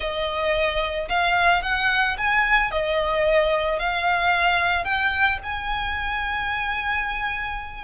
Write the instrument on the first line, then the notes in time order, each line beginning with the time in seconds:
violin
0.00 D#5
1.08 F5
1.62 F#5
2.17 G#5
2.71 D#5
3.79 F5
4.84 G5
5.43 G#5